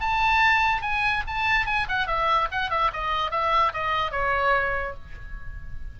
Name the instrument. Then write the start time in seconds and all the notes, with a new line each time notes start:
oboe
0.00 A5
0.82 G#5
1.27 A5
1.66 G#5
1.89 F#5
2.07 E5
2.51 F#5
2.70 E5
2.93 D#5
3.31 E5
3.73 D#5
4.12 C#5